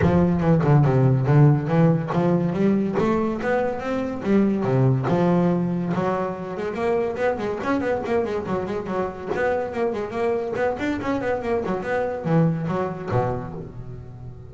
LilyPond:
\new Staff \with { instrumentName = "double bass" } { \time 4/4 \tempo 4 = 142 f4 e8 d8 c4 d4 | e4 f4 g4 a4 | b4 c'4 g4 c4 | f2 fis4. gis8 |
ais4 b8 gis8 cis'8 b8 ais8 gis8 | fis8 gis8 fis4 b4 ais8 gis8 | ais4 b8 d'8 cis'8 b8 ais8 fis8 | b4 e4 fis4 b,4 | }